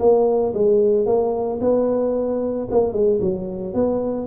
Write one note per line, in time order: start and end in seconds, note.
0.00 0.54 A#3
0.54 1.06 G#3
1.06 1.60 A#3
1.61 2.68 B3
2.71 2.93 A#3
2.93 3.20 G#3
3.21 3.75 F#3
3.75 4.27 B3